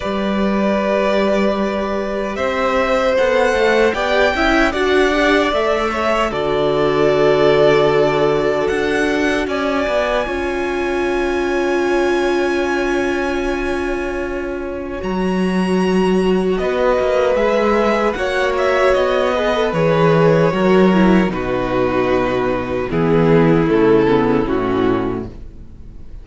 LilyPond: <<
  \new Staff \with { instrumentName = "violin" } { \time 4/4 \tempo 4 = 76 d''2. e''4 | fis''4 g''4 fis''4 e''4 | d''2. fis''4 | gis''1~ |
gis''2. ais''4~ | ais''4 dis''4 e''4 fis''8 e''8 | dis''4 cis''2 b'4~ | b'4 gis'4 a'4 fis'4 | }
  \new Staff \with { instrumentName = "violin" } { \time 4/4 b'2. c''4~ | c''4 d''8 e''8 d''4. cis''8 | a'1 | d''4 cis''2.~ |
cis''1~ | cis''4 b'2 cis''4~ | cis''8 b'4. ais'4 fis'4~ | fis'4 e'2. | }
  \new Staff \with { instrumentName = "viola" } { \time 4/4 g'1 | a'4 g'8 e'8 fis'8 g'8 a'4 | fis'1~ | fis'4 f'2.~ |
f'2. fis'4~ | fis'2 gis'4 fis'4~ | fis'8 gis'16 a'16 gis'4 fis'8 e'8 dis'4~ | dis'4 b4 a8 b8 cis'4 | }
  \new Staff \with { instrumentName = "cello" } { \time 4/4 g2. c'4 | b8 a8 b8 cis'8 d'4 a4 | d2. d'4 | cis'8 b8 cis'2.~ |
cis'2. fis4~ | fis4 b8 ais8 gis4 ais4 | b4 e4 fis4 b,4~ | b,4 e4 cis4 a,4 | }
>>